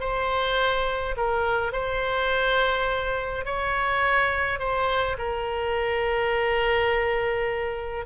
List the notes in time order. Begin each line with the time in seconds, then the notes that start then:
0.00 C5
1.16 A#4
1.72 C5
3.45 C#5
4.59 C5
5.18 A#4